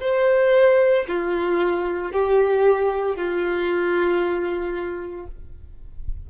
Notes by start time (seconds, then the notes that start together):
0.00 C5
1.08 F4
2.12 G4
3.16 F4